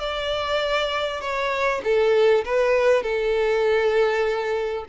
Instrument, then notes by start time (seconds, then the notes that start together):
violin
0.00 D5
1.21 C#5
1.84 A4
2.45 B4
3.03 A4